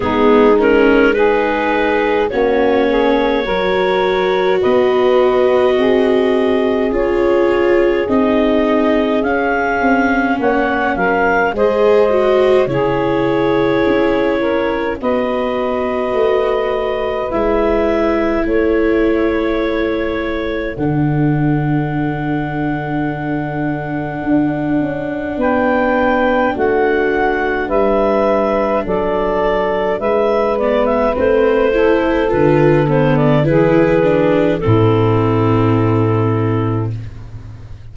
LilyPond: <<
  \new Staff \with { instrumentName = "clarinet" } { \time 4/4 \tempo 4 = 52 gis'8 ais'8 b'4 cis''2 | dis''2 cis''4 dis''4 | f''4 fis''8 f''8 dis''4 cis''4~ | cis''4 dis''2 e''4 |
cis''2 fis''2~ | fis''2 g''4 fis''4 | e''4 d''4 e''8 d''16 e''16 c''4 | b'8 c''16 d''16 b'4 a'2 | }
  \new Staff \with { instrumentName = "saxophone" } { \time 4/4 dis'4 gis'4 fis'8 gis'8 ais'4 | b'4 gis'2.~ | gis'4 cis''8 ais'8 c''4 gis'4~ | gis'8 ais'8 b'2. |
a'1~ | a'2 b'4 fis'4 | b'4 a'4 b'4. a'8~ | a'4 gis'4 e'2 | }
  \new Staff \with { instrumentName = "viola" } { \time 4/4 b8 cis'8 dis'4 cis'4 fis'4~ | fis'2 f'4 dis'4 | cis'2 gis'8 fis'8 e'4~ | e'4 fis'2 e'4~ |
e'2 d'2~ | d'1~ | d'2~ d'8 b8 c'8 e'8 | f'8 b8 e'8 d'8 c'2 | }
  \new Staff \with { instrumentName = "tuba" } { \time 4/4 gis2 ais4 fis4 | b4 c'4 cis'4 c'4 | cis'8 c'8 ais8 fis8 gis4 cis4 | cis'4 b4 a4 gis4 |
a2 d2~ | d4 d'8 cis'8 b4 a4 | g4 fis4 gis4 a4 | d4 e4 a,2 | }
>>